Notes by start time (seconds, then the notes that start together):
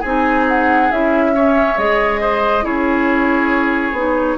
0.00 C4 D#4 G#4 G#5
0.48 F#5
0.91 C#4 E4 E5
1.34 C#4 C#5
1.77 G#3 G#4 D#5
2.20 C5
2.62 C#4 E4 G#4 C#5
3.91 B3 D#4